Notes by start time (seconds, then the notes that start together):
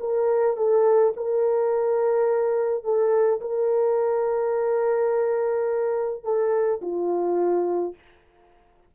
0.00 A#4
0.57 A4
1.16 A#4
2.84 A4
3.41 A#4
6.24 A4
6.81 F4